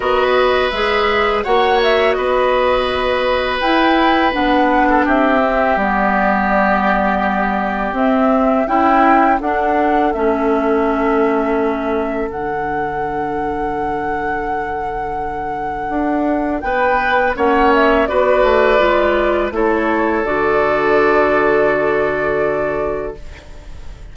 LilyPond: <<
  \new Staff \with { instrumentName = "flute" } { \time 4/4 \tempo 4 = 83 dis''4 e''4 fis''8 e''8 dis''4~ | dis''4 g''4 fis''4 e''4 | d''2. e''4 | g''4 fis''4 e''2~ |
e''4 fis''2.~ | fis''2. g''4 | fis''8 e''8 d''2 cis''4 | d''1 | }
  \new Staff \with { instrumentName = "oboe" } { \time 4/4 b'2 cis''4 b'4~ | b'2~ b'8. a'16 g'4~ | g'1 | e'4 a'2.~ |
a'1~ | a'2. b'4 | cis''4 b'2 a'4~ | a'1 | }
  \new Staff \with { instrumentName = "clarinet" } { \time 4/4 fis'4 gis'4 fis'2~ | fis'4 e'4 d'4. c'8 | b2. c'4 | e'4 d'4 cis'2~ |
cis'4 d'2.~ | d'1 | cis'4 fis'4 f'4 e'4 | fis'1 | }
  \new Staff \with { instrumentName = "bassoon" } { \time 4/4 b4 gis4 ais4 b4~ | b4 e'4 b4 c'4 | g2. c'4 | cis'4 d'4 a2~ |
a4 d2.~ | d2 d'4 b4 | ais4 b8 a8 gis4 a4 | d1 | }
>>